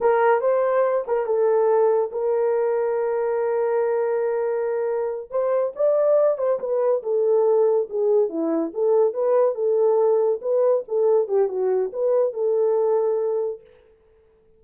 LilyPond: \new Staff \with { instrumentName = "horn" } { \time 4/4 \tempo 4 = 141 ais'4 c''4. ais'8 a'4~ | a'4 ais'2.~ | ais'1~ | ais'8 c''4 d''4. c''8 b'8~ |
b'8 a'2 gis'4 e'8~ | e'8 a'4 b'4 a'4.~ | a'8 b'4 a'4 g'8 fis'4 | b'4 a'2. | }